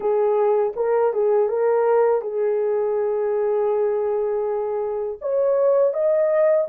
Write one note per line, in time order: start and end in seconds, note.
0.00 0.73 G#4
0.76 1.13 A#4
1.13 1.48 G#4
1.48 2.21 A#4
2.21 5.18 G#4
5.21 5.93 C#5
5.93 6.67 D#5